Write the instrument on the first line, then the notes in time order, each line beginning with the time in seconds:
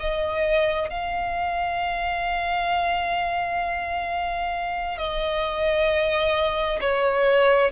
violin
0.00 D#5
0.90 F5
4.98 D#5
6.81 C#5